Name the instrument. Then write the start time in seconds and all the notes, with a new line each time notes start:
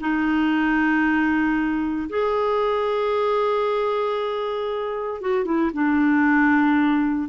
clarinet
0.00 D#4
2.09 G#4
5.21 F#4
5.45 E4
5.73 D4